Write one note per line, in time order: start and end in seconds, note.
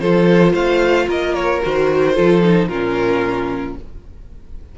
0.00 0.54 F3
0.00 1.62 F4
0.00 0.53 A4
0.00 0.54 C5
0.53 1.07 A3
0.53 1.06 C5
0.53 1.09 F5
1.08 1.62 A#3
1.08 2.15 A#4
1.08 1.35 D#5
1.35 1.61 C#5
1.62 2.18 D#3
1.62 2.15 F#4
1.62 2.68 C5
2.15 2.68 F3
2.15 2.42 F4
2.15 2.69 A4
2.44 2.71 D#4
2.68 3.75 A#2
2.68 3.78 C#4
2.68 3.76 F4
2.68 3.75 A#4